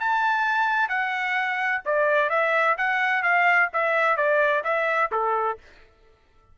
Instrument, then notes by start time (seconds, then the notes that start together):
trumpet
0.00 A5
0.89 F#5
1.85 D5
2.30 E5
2.78 F#5
3.23 F5
3.73 E5
4.17 D5
4.64 E5
5.11 A4